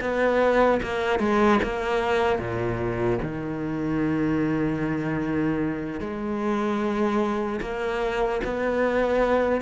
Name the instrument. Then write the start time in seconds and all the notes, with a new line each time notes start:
cello
0.00 B3
0.83 A#3
1.19 G#3
1.63 A#3
2.39 A#2
3.22 D#3
6.00 G#3
7.61 A#3
8.44 B3